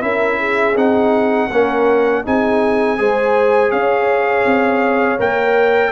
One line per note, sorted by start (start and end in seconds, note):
0.00 0.75 C#4
0.00 0.74 E4
0.00 0.38 A#4
0.00 0.76 E5
0.38 1.48 G#4
0.75 1.49 C4
0.75 1.50 D#4
0.75 2.25 F#5
1.48 2.24 A#3
1.48 2.25 C#4
1.48 2.22 A#4
2.25 2.98 C4
2.25 2.98 D#4
2.25 2.98 G#4
2.25 3.71 G#5
2.98 3.72 G#3
2.98 5.18 G#4
2.98 3.70 C5
3.70 4.45 C#4
3.70 5.92 C#5
3.70 5.19 F5
4.45 5.19 C4
5.18 5.92 A#3
5.18 5.92 A#4
5.18 5.92 G5